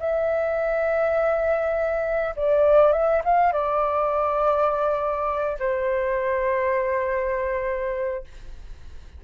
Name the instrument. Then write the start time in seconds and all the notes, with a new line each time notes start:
flute
0.00 E5
2.36 D5
2.93 E5
3.25 F5
3.53 D5
5.59 C5